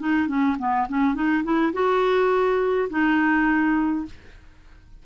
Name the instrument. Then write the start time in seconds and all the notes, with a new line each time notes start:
clarinet
0.00 D#4
0.28 C#4
0.59 B3
0.89 C#4
1.15 D#4
1.44 E4
1.73 F#4
2.90 D#4